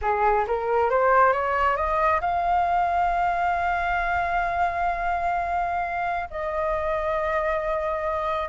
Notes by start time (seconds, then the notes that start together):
0.01 G#4
0.47 A#4
0.90 C5
1.32 C#5
1.76 D#5
2.21 F5
6.30 D#5